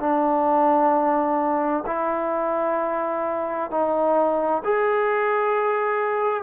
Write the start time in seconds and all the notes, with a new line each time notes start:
0.00 D4
1.87 E4
3.70 D#4
4.64 G#4